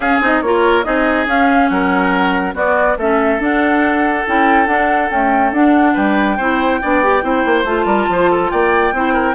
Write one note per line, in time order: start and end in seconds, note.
0.00 0.20 C#4
0.00 0.22 C#4
0.00 0.42 G#4
0.00 0.21 F5
0.21 0.41 C4
0.21 0.43 D#4
0.21 0.42 D#5
0.41 0.84 A#3
0.41 0.83 F4
0.41 0.85 A#4
0.41 0.83 C#5
0.83 1.26 C4
0.83 1.26 D#4
0.83 1.70 G#4
0.83 1.26 D#5
1.26 1.69 C#4
1.26 2.54 C#4
1.26 1.68 F5
1.68 2.54 F#3
1.68 2.55 A#4
1.68 2.53 F#5
2.54 2.96 B3
2.54 2.97 B3
2.54 2.97 F#4
2.54 2.98 D5
2.97 3.39 A3
2.97 3.39 C#4
2.97 5.93 A4
2.97 3.42 E5
3.39 4.24 D4
3.39 4.27 F#5
4.26 4.66 C#4
4.26 4.67 E4
4.26 4.66 G5
4.66 5.09 D4
4.66 5.09 F#5
5.10 5.53 A3
5.10 5.52 C#4
5.10 5.52 G5
5.52 5.94 D4
5.52 6.38 D4
5.52 5.95 F#5
5.93 6.38 G3
5.93 6.36 B4
5.93 7.65 G5
6.37 6.80 C4
6.37 6.82 E4
6.37 6.79 C5
6.82 7.23 B3
6.82 7.03 D4
6.82 7.24 D5
7.03 7.22 G4
7.22 7.44 C4
7.22 7.64 E4
7.22 7.85 C5
7.45 7.64 A#3
7.64 7.85 A3
7.64 8.93 F4
7.64 8.50 A5
7.85 8.06 G3
7.85 8.07 A#4
8.08 8.51 F3
8.08 8.30 C5
8.30 8.51 A4
8.50 8.92 A#3
8.50 8.94 D5
8.50 9.35 G5
8.92 9.35 C4
8.92 9.35 E4
8.92 9.13 C5
9.13 9.34 A#4